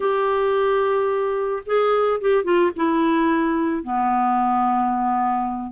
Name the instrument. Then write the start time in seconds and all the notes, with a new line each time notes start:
clarinet
0.00 G4
1.65 G#4
2.20 G4
2.43 F4
2.75 E4
3.83 B3